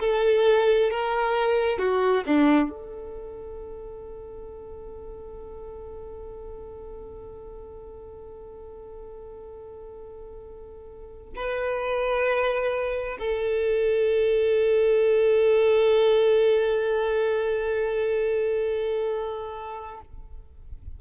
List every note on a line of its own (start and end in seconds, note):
0.00 0.91 A4
0.91 1.79 A#4
1.79 2.24 F#4
2.26 2.69 D4
2.69 11.33 A4
11.36 13.18 B4
13.19 20.01 A4